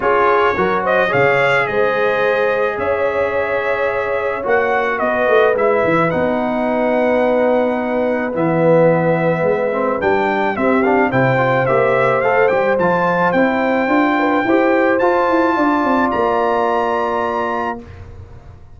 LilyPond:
<<
  \new Staff \with { instrumentName = "trumpet" } { \time 4/4 \tempo 4 = 108 cis''4. dis''8 f''4 dis''4~ | dis''4 e''2. | fis''4 dis''4 e''4 fis''4~ | fis''2. e''4~ |
e''2 g''4 e''8 f''8 | g''4 e''4 f''8 g''8 a''4 | g''2. a''4~ | a''4 ais''2. | }
  \new Staff \with { instrumentName = "horn" } { \time 4/4 gis'4 ais'8 c''8 cis''4 c''4~ | c''4 cis''2.~ | cis''4 b'2.~ | b'1~ |
b'2. g'4 | c''1~ | c''4. b'8 c''2 | d''1 | }
  \new Staff \with { instrumentName = "trombone" } { \time 4/4 f'4 fis'4 gis'2~ | gis'1 | fis'2 e'4 dis'4~ | dis'2. b4~ |
b4. c'8 d'4 c'8 d'8 | e'8 f'8 g'4 a'8 g'8 f'4 | e'4 f'4 g'4 f'4~ | f'1 | }
  \new Staff \with { instrumentName = "tuba" } { \time 4/4 cis'4 fis4 cis4 gis4~ | gis4 cis'2. | ais4 b8 a8 gis8 e8 b4~ | b2. e4~ |
e4 gis4 g4 c'4 | c4 ais4 a8 g8 f4 | c'4 d'4 e'4 f'8 e'8 | d'8 c'8 ais2. | }
>>